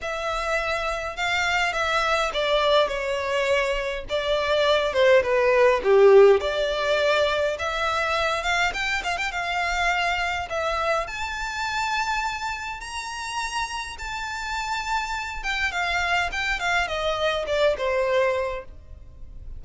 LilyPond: \new Staff \with { instrumentName = "violin" } { \time 4/4 \tempo 4 = 103 e''2 f''4 e''4 | d''4 cis''2 d''4~ | d''8 c''8 b'4 g'4 d''4~ | d''4 e''4. f''8 g''8 f''16 g''16 |
f''2 e''4 a''4~ | a''2 ais''2 | a''2~ a''8 g''8 f''4 | g''8 f''8 dis''4 d''8 c''4. | }